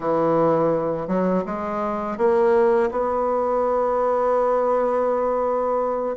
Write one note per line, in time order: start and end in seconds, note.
0.00 1.07 E3
1.07 1.44 F#3
1.45 2.17 G#3
2.17 2.89 A#3
2.91 6.16 B3